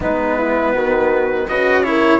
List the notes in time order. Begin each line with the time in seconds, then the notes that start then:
0.00 G#3 B3 D#4 B4
0.37 E4
0.73 D#3 F#4
1.48 C#3 F#4 B4 D#5
1.83 E4 A#4 C#5